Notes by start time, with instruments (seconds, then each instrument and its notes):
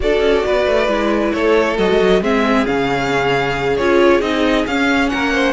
0.00 cello D4, viola F#4, violin A4 D5
0.20 cello C#4
0.45 cello B3, violin B4
0.66 cello A3
0.87 cello G#3, viola E4
1.32 cello A3, violin A4 C#5
1.77 cello F#3, viola F#4, violin D#5
1.89 cello G#3
2.00 cello F#3
2.20 cello G#3, viola C4, violin G#4 E5
2.66 cello C#3, viola C#4, violin F5
3.76 cello C#4, viola F4, violin C#5
4.21 cello C4, viola D#4, violin D#5
4.66 cello C#4, viola C#4, violin F5
5.09 cello A#3, violin A#4 F#5
5.33 violin C5